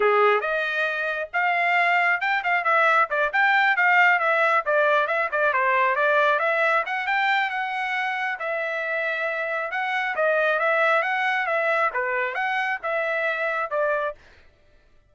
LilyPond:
\new Staff \with { instrumentName = "trumpet" } { \time 4/4 \tempo 4 = 136 gis'4 dis''2 f''4~ | f''4 g''8 f''8 e''4 d''8 g''8~ | g''8 f''4 e''4 d''4 e''8 | d''8 c''4 d''4 e''4 fis''8 |
g''4 fis''2 e''4~ | e''2 fis''4 dis''4 | e''4 fis''4 e''4 b'4 | fis''4 e''2 d''4 | }